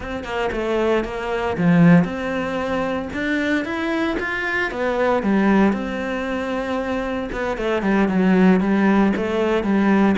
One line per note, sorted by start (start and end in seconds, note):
0.00 0.24 C4
0.24 0.50 A#3
0.52 1.04 A3
1.04 1.56 A#3
1.57 2.04 F3
2.04 3.08 C4
3.13 3.64 D4
3.64 4.16 E4
4.19 4.71 F4
4.71 5.22 B3
5.22 5.72 G3
5.72 7.29 C4
7.31 7.57 B3
7.57 7.82 A3
7.82 8.08 G3
8.08 8.60 F#3
8.60 9.12 G3
9.16 9.63 A3
9.63 10.15 G3